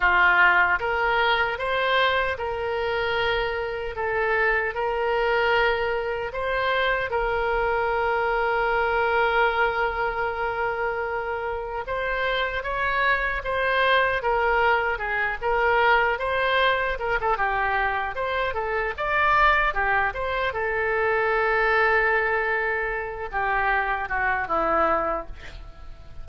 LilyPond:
\new Staff \with { instrumentName = "oboe" } { \time 4/4 \tempo 4 = 76 f'4 ais'4 c''4 ais'4~ | ais'4 a'4 ais'2 | c''4 ais'2.~ | ais'2. c''4 |
cis''4 c''4 ais'4 gis'8 ais'8~ | ais'8 c''4 ais'16 a'16 g'4 c''8 a'8 | d''4 g'8 c''8 a'2~ | a'4. g'4 fis'8 e'4 | }